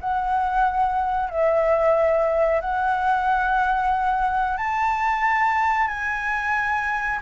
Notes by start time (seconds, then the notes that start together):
0.00 F#5
1.29 E5
2.60 F#5
4.57 A5
5.87 G#5